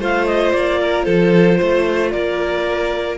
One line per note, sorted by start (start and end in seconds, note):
0.00 0.53 A3
0.00 3.18 F4
0.00 0.80 C5
0.00 0.27 F5
0.27 0.52 D#5
0.52 1.07 A#3
0.52 1.04 D5
0.80 1.05 A#4
1.04 1.60 F3
1.04 1.58 A4
1.04 2.10 C5
1.58 2.14 A3
1.58 2.11 C5
2.11 3.18 A#3
2.11 3.18 A#4
2.11 3.17 D5